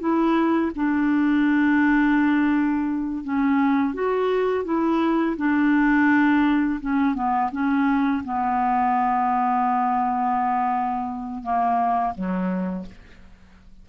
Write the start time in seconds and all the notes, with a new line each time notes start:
0.00 E4
0.76 D4
3.24 C#4
3.94 F#4
4.65 E4
5.37 D4
6.81 C#4
7.15 B3
7.52 C#4
8.25 B3
11.43 A#3
12.15 F#3